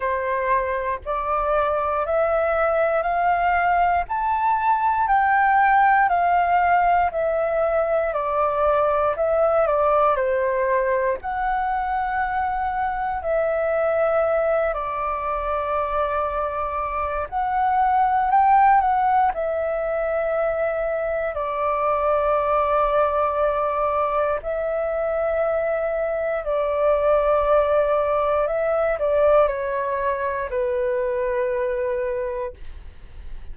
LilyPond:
\new Staff \with { instrumentName = "flute" } { \time 4/4 \tempo 4 = 59 c''4 d''4 e''4 f''4 | a''4 g''4 f''4 e''4 | d''4 e''8 d''8 c''4 fis''4~ | fis''4 e''4. d''4.~ |
d''4 fis''4 g''8 fis''8 e''4~ | e''4 d''2. | e''2 d''2 | e''8 d''8 cis''4 b'2 | }